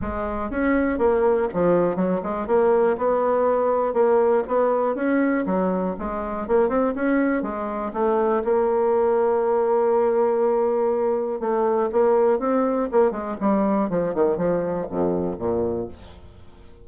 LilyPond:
\new Staff \with { instrumentName = "bassoon" } { \time 4/4 \tempo 4 = 121 gis4 cis'4 ais4 f4 | fis8 gis8 ais4 b2 | ais4 b4 cis'4 fis4 | gis4 ais8 c'8 cis'4 gis4 |
a4 ais2.~ | ais2. a4 | ais4 c'4 ais8 gis8 g4 | f8 dis8 f4 f,4 ais,4 | }